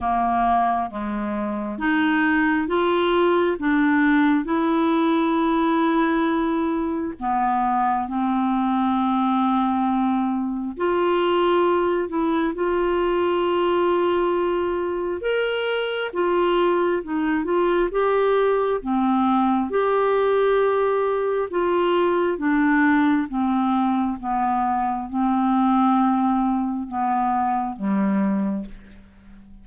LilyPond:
\new Staff \with { instrumentName = "clarinet" } { \time 4/4 \tempo 4 = 67 ais4 gis4 dis'4 f'4 | d'4 e'2. | b4 c'2. | f'4. e'8 f'2~ |
f'4 ais'4 f'4 dis'8 f'8 | g'4 c'4 g'2 | f'4 d'4 c'4 b4 | c'2 b4 g4 | }